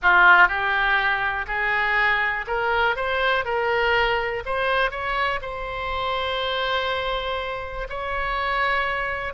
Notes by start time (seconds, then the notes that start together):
0.02 F4
0.47 G4
1.47 G#4
2.47 A#4
2.96 C5
3.44 A#4
4.45 C5
4.90 C#5
5.41 C5
7.89 C#5